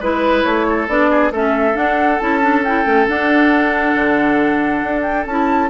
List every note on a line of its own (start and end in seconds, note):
0.00 0.44 G#3
0.00 0.88 E4
0.00 0.66 B4
0.00 0.44 B4
0.44 0.88 A3
0.44 0.87 C#5
0.69 1.10 A4
0.88 1.31 B3
0.88 1.32 D4
0.88 1.33 D5
1.10 1.32 G#4
1.31 1.75 A3
1.31 1.73 C#4
1.31 5.70 A4
1.31 1.77 E5
1.73 2.17 D4
1.73 2.20 D4
1.73 2.19 F#5
2.19 2.86 C#4
2.19 2.41 E4
2.19 2.63 A5
2.41 2.63 D4
2.64 2.85 E4
2.64 3.07 G5
2.85 3.07 A3
2.85 3.06 C#4
3.08 5.27 D4
3.08 3.95 D4
3.08 5.03 F#5
3.95 4.83 D3
4.83 5.26 D4
5.03 5.25 G5
5.26 5.70 C#4
5.26 5.70 E4
5.26 5.70 A5